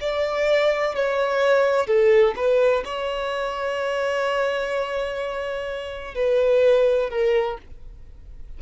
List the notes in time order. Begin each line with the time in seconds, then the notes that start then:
0.00 D5
0.95 C#5
1.87 A4
2.35 B4
2.84 C#5
6.15 B4
7.10 A#4